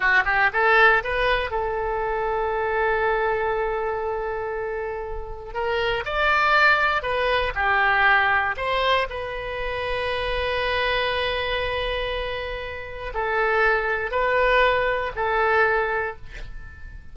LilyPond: \new Staff \with { instrumentName = "oboe" } { \time 4/4 \tempo 4 = 119 fis'8 g'8 a'4 b'4 a'4~ | a'1~ | a'2. ais'4 | d''2 b'4 g'4~ |
g'4 c''4 b'2~ | b'1~ | b'2 a'2 | b'2 a'2 | }